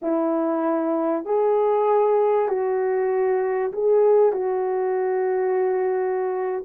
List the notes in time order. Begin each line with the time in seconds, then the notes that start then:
0.01 E4
1.25 G#4
2.48 F#4
3.72 G#4
4.32 F#4